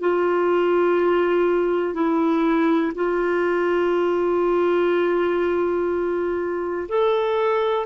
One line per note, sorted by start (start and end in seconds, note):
0.00 1.94 F4
1.94 2.92 E4
2.95 6.88 F4
6.89 7.86 A4